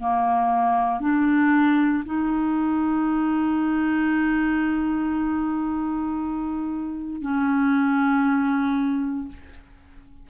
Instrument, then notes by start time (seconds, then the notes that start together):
clarinet
0.00 A#3
1.00 D4
2.05 D#4
7.21 C#4